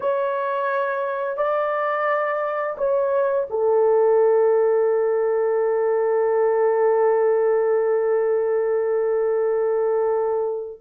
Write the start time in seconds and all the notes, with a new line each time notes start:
0.00 C#5
1.37 D5
2.77 C#5
3.50 A4